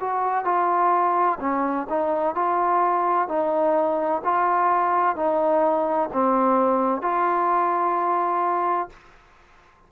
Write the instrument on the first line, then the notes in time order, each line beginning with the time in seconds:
trombone
0.00 F#4
0.44 F4
1.40 C#4
1.89 D#4
2.35 F4
3.28 D#4
4.24 F4
5.16 D#4
6.12 C4
7.01 F4